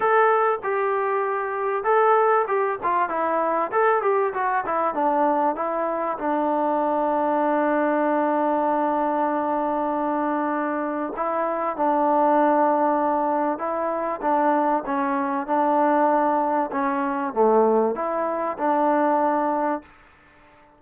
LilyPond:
\new Staff \with { instrumentName = "trombone" } { \time 4/4 \tempo 4 = 97 a'4 g'2 a'4 | g'8 f'8 e'4 a'8 g'8 fis'8 e'8 | d'4 e'4 d'2~ | d'1~ |
d'2 e'4 d'4~ | d'2 e'4 d'4 | cis'4 d'2 cis'4 | a4 e'4 d'2 | }